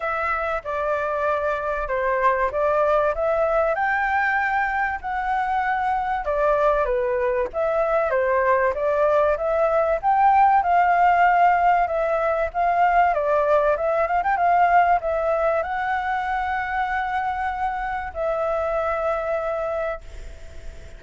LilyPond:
\new Staff \with { instrumentName = "flute" } { \time 4/4 \tempo 4 = 96 e''4 d''2 c''4 | d''4 e''4 g''2 | fis''2 d''4 b'4 | e''4 c''4 d''4 e''4 |
g''4 f''2 e''4 | f''4 d''4 e''8 f''16 g''16 f''4 | e''4 fis''2.~ | fis''4 e''2. | }